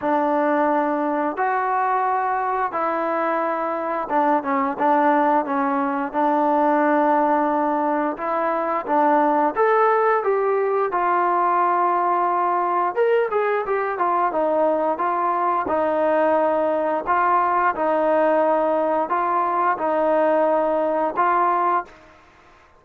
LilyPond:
\new Staff \with { instrumentName = "trombone" } { \time 4/4 \tempo 4 = 88 d'2 fis'2 | e'2 d'8 cis'8 d'4 | cis'4 d'2. | e'4 d'4 a'4 g'4 |
f'2. ais'8 gis'8 | g'8 f'8 dis'4 f'4 dis'4~ | dis'4 f'4 dis'2 | f'4 dis'2 f'4 | }